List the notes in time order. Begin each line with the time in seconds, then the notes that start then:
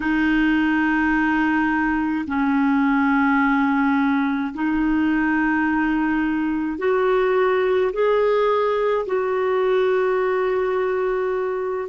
0.00 D#4
2.27 C#4
4.53 D#4
6.78 F#4
7.92 G#4
9.06 F#4